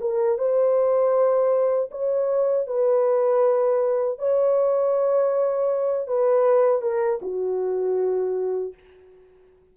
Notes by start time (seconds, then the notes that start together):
0.00 A#4
0.38 C5
1.91 C#5
2.67 B4
4.18 C#5
6.07 B4
6.81 A#4
7.22 F#4